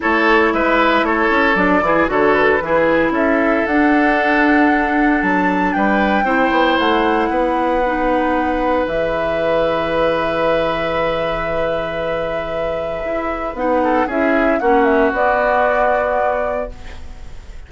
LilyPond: <<
  \new Staff \with { instrumentName = "flute" } { \time 4/4 \tempo 4 = 115 cis''4 e''4 cis''4 d''4 | cis''8 b'4. e''4 fis''4~ | fis''2 a''4 g''4~ | g''4 fis''2.~ |
fis''4 e''2.~ | e''1~ | e''2 fis''4 e''4 | fis''8 e''8 d''2. | }
  \new Staff \with { instrumentName = "oboe" } { \time 4/4 a'4 b'4 a'4. gis'8 | a'4 gis'4 a'2~ | a'2. b'4 | c''2 b'2~ |
b'1~ | b'1~ | b'2~ b'8 a'8 gis'4 | fis'1 | }
  \new Staff \with { instrumentName = "clarinet" } { \time 4/4 e'2. d'8 e'8 | fis'4 e'2 d'4~ | d'1 | e'2. dis'4~ |
dis'4 gis'2.~ | gis'1~ | gis'2 dis'4 e'4 | cis'4 b2. | }
  \new Staff \with { instrumentName = "bassoon" } { \time 4/4 a4 gis4 a8 cis'8 fis8 e8 | d4 e4 cis'4 d'4~ | d'2 fis4 g4 | c'8 b8 a4 b2~ |
b4 e2.~ | e1~ | e4 e'4 b4 cis'4 | ais4 b2. | }
>>